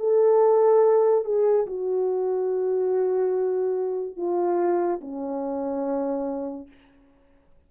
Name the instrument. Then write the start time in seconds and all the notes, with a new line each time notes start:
horn
0.00 A4
1.25 G#4
1.67 F#4
4.17 F4
5.02 C#4